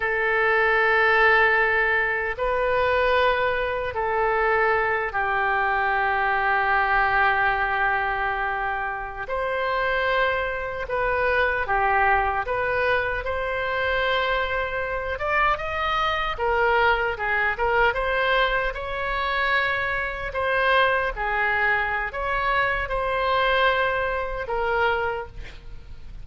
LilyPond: \new Staff \with { instrumentName = "oboe" } { \time 4/4 \tempo 4 = 76 a'2. b'4~ | b'4 a'4. g'4.~ | g'2.~ g'8. c''16~ | c''4.~ c''16 b'4 g'4 b'16~ |
b'8. c''2~ c''8 d''8 dis''16~ | dis''8. ais'4 gis'8 ais'8 c''4 cis''16~ | cis''4.~ cis''16 c''4 gis'4~ gis'16 | cis''4 c''2 ais'4 | }